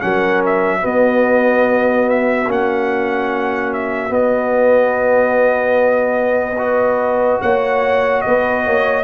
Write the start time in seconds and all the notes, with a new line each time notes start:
0.00 F#3 C#4 A#4 F#5
0.45 E5
0.79 B3 F#4
0.86 D#5
2.09 E5
2.47 A#3 C#4 F#5
3.73 E5
4.09 B3 D#5
6.58 F#4 B4
7.41 A#3 C#5 F#5
8.21 B3 B4 D#5
8.64 A#3 C#5